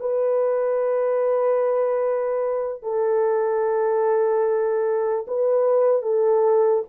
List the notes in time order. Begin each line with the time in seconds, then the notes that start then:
0.00 B4
2.83 A4
5.28 B4
6.03 A4